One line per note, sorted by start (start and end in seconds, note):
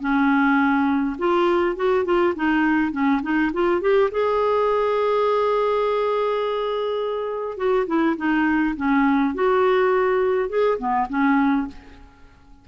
0.00 1.17 C#4
1.19 1.76 F4
1.76 2.05 F#4
2.05 2.34 F4
2.36 2.92 D#4
2.92 3.21 C#4
3.23 3.52 D#4
3.53 3.81 F4
3.81 4.10 G4
4.11 7.58 G#4
7.58 7.87 F#4
7.87 8.16 E4
8.17 8.75 D#4
8.76 9.35 C#4
9.35 10.49 F#4
10.49 10.78 G#4
10.78 11.08 B3
11.09 11.68 C#4